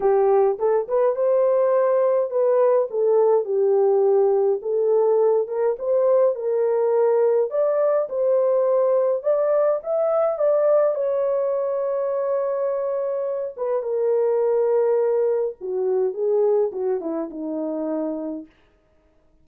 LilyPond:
\new Staff \with { instrumentName = "horn" } { \time 4/4 \tempo 4 = 104 g'4 a'8 b'8 c''2 | b'4 a'4 g'2 | a'4. ais'8 c''4 ais'4~ | ais'4 d''4 c''2 |
d''4 e''4 d''4 cis''4~ | cis''2.~ cis''8 b'8 | ais'2. fis'4 | gis'4 fis'8 e'8 dis'2 | }